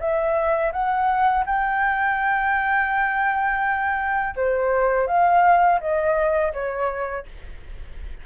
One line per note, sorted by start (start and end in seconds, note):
0.00 0.72 E5
0.73 1.45 F#5
1.46 4.35 G5
4.36 5.08 C5
5.08 5.80 F5
5.81 6.53 D#5
6.54 7.26 C#5